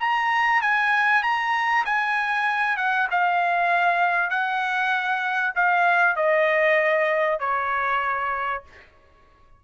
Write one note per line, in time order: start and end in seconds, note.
0.00 0.61 A#5
0.61 1.23 G#5
1.23 1.85 A#5
1.85 2.77 G#5
2.77 3.08 F#5
3.11 4.30 F5
4.30 5.54 F#5
5.55 6.16 F5
6.16 7.39 D#5
7.40 8.63 C#5